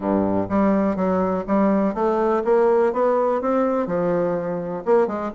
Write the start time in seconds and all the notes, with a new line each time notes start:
0.00 G2
0.49 G3
0.96 F#3
1.47 G3
1.94 A3
2.44 A#3
2.93 B3
3.41 C4
3.86 F3
4.85 A#3
5.07 G#3